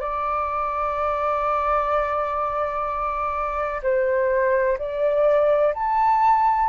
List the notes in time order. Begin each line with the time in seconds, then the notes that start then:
0.00 D5
3.82 C5
4.78 D5
5.74 A5